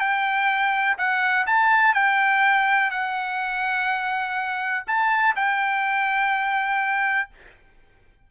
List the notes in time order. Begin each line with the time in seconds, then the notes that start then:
0.00 G5
0.98 F#5
1.46 A5
1.94 G5
2.91 F#5
4.87 A5
5.36 G5